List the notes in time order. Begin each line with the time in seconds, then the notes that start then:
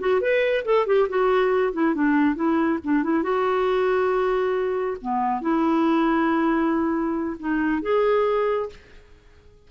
0.00 F#4
0.21 B4
0.65 A4
0.87 G4
1.09 F#4
1.73 E4
1.95 D4
2.36 E4
2.84 D4
3.03 E4
3.23 F#4
5.01 B3
5.42 E4
7.40 D#4
7.82 G#4